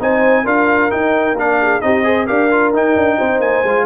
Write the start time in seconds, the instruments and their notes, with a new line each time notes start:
0.00 tuba C4, trombone D#4, horn C5, trumpet G#5
0.44 tuba D4, trombone F4, horn A#4, trumpet F5
0.91 trombone D#4, tuba D#4, trumpet G5
1.34 tuba A#3, trombone D4, trumpet F5
1.61 horn G#4
1.81 tuba C4, trombone D#4, horn G4, trumpet D#5
2.04 trombone G#4, horn C5
2.27 tuba D4, trombone G4, horn A#4, trumpet F5
2.52 trombone F4
2.73 tuba D#4, trombone D#4, trumpet G5
2.96 tuba D4
3.18 tuba C4, horn C5
3.40 tuba A#3, trumpet G#5
3.64 tuba G#3, trombone F4